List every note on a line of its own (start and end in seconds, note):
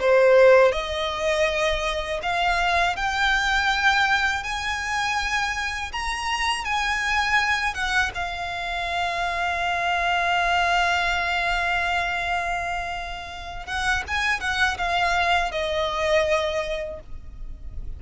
0.00 0.72 C5
0.72 2.20 D#5
2.23 2.96 F5
2.96 4.43 G5
4.43 5.92 G#5
5.92 6.64 A#5
6.64 7.74 G#5
7.74 8.11 F#5
8.14 13.66 F5
13.66 14.03 F#5
14.07 14.40 G#5
14.40 14.77 F#5
14.78 15.52 F5
15.52 17.00 D#5